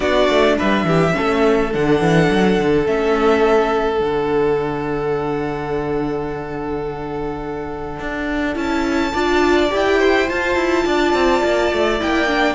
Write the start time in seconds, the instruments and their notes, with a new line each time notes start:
0.00 cello B3, viola D4, violin F#4 D5
0.29 cello A3
0.57 cello G3, violin B4 E5
0.84 cello E3, violin G4
1.12 viola C#4, violin A4
1.19 cello A3
1.72 cello D3, viola D4, violin F#5
2.00 cello E3
2.30 cello F#3
2.59 cello D3
2.85 cello A3, viola C#4, violin E5
3.97 cello D3, viola D4, violin F#5
7.99 cello D4
8.54 cello C#4, viola E4, violin A5
9.13 cello D4, viola F4, violin D5
9.69 cello E4, viola G4
9.75 violin G5
9.98 violin C5
10.28 viola F4, cello F4, violin A5
10.55 cello E4
10.85 cello D4, violin D5
11.13 cello C4
11.43 cello A#3
11.72 cello A3
11.99 cello A#3, viola E4, violin G5
12.27 viola D4